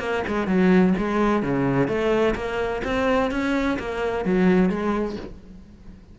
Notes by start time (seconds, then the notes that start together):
0.00 A#3
0.28 G#3
0.47 F#3
0.98 G#3
1.43 C#3
1.88 A3
2.35 A#3
2.84 C4
3.31 C#4
3.79 A#3
4.25 F#3
4.70 G#3